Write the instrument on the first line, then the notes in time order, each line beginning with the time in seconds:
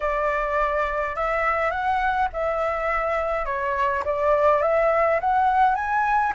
flute
0.00 D5
1.15 E5
1.70 F#5
2.32 E5
3.45 C#5
4.04 D5
4.62 E5
5.20 F#5
5.75 G#5